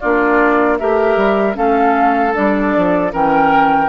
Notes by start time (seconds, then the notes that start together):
0.00 A#3 D4 F4 D5
0.78 A3 G4 A#4 E5
1.16 G3
1.54 A3 C#4 A4 F5
2.33 G3 D4 D5
2.77 F3
3.12 E3 C#4 A#4 G5